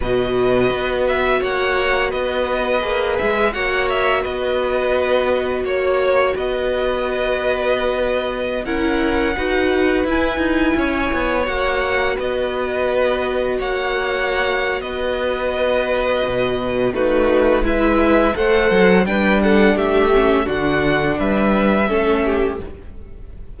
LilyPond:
<<
  \new Staff \with { instrumentName = "violin" } { \time 4/4 \tempo 4 = 85 dis''4. e''8 fis''4 dis''4~ | dis''8 e''8 fis''8 e''8 dis''2 | cis''4 dis''2.~ | dis''16 fis''2 gis''4.~ gis''16~ |
gis''16 fis''4 dis''2 fis''8.~ | fis''4 dis''2. | b'4 e''4 fis''4 g''8 fis''8 | e''4 fis''4 e''2 | }
  \new Staff \with { instrumentName = "violin" } { \time 4/4 b'2 cis''4 b'4~ | b'4 cis''4 b'2 | cis''4 b'2.~ | b'16 ais'4 b'2 cis''8.~ |
cis''4~ cis''16 b'2 cis''8.~ | cis''4 b'2. | fis'4 b'4 c''4 b'8 a'8 | g'4 fis'4 b'4 a'8 g'8 | }
  \new Staff \with { instrumentName = "viola" } { \time 4/4 fis'1 | gis'4 fis'2.~ | fis'1~ | fis'16 e'4 fis'4 e'4.~ e'16~ |
e'16 fis'2.~ fis'8.~ | fis'1 | dis'4 e'4 a'4 d'4~ | d'8 cis'8 d'2 cis'4 | }
  \new Staff \with { instrumentName = "cello" } { \time 4/4 b,4 b4 ais4 b4 | ais8 gis8 ais4 b2 | ais4 b2.~ | b16 cis'4 dis'4 e'8 dis'8 cis'8 b16~ |
b16 ais4 b2 ais8.~ | ais4 b2 b,4 | a4 gis4 a8 fis8 g4 | a4 d4 g4 a4 | }
>>